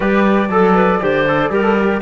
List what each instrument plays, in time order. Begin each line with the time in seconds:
0.00 cello G3, trombone G4, clarinet B4, flute D5
0.49 cello F#3, trombone A4, clarinet A4
0.74 clarinet B4
1.00 cello D3, trombone G4, clarinet C5
1.27 trombone A4
1.50 cello G3, trombone G4, clarinet A#4
1.62 trombone A4
1.80 trombone G4